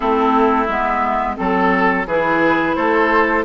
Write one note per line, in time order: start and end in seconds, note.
0.00 0.68 A3
0.00 0.67 C4
0.00 1.36 E4
0.00 0.66 A4
0.66 1.37 G#3
0.66 1.36 B3
0.66 1.35 E5
1.36 2.06 F#3
1.36 2.05 C4
1.36 2.05 A4
1.36 2.07 A4
2.06 2.75 E3
2.06 3.45 E4
2.06 2.76 G#4
2.06 2.75 B4
2.75 3.45 A3
2.75 3.45 A4
2.75 3.44 C5